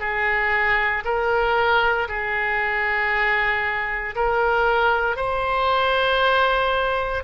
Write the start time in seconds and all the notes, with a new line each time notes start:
0.00 G#4
1.04 A#4
2.08 G#4
4.16 A#4
5.16 C5